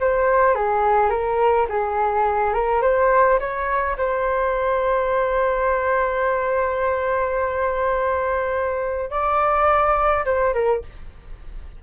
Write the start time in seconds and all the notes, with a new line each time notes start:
0.00 C5
0.55 G#4
1.10 A#4
1.69 G#4
2.53 A#4
2.82 C5
3.39 C#5
3.97 C5
9.10 D5
10.25 C5
10.53 A#4